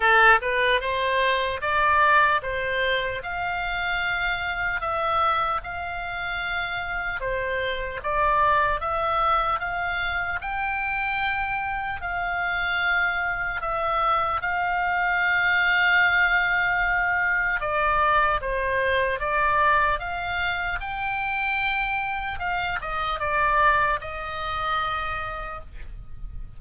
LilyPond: \new Staff \with { instrumentName = "oboe" } { \time 4/4 \tempo 4 = 75 a'8 b'8 c''4 d''4 c''4 | f''2 e''4 f''4~ | f''4 c''4 d''4 e''4 | f''4 g''2 f''4~ |
f''4 e''4 f''2~ | f''2 d''4 c''4 | d''4 f''4 g''2 | f''8 dis''8 d''4 dis''2 | }